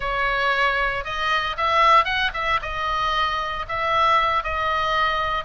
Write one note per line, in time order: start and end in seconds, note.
0.00 1.04 C#5
1.04 1.56 D#5
1.57 2.04 E5
2.04 2.31 F#5
2.33 2.59 E5
2.61 3.66 D#5
3.68 4.43 E5
4.43 5.44 D#5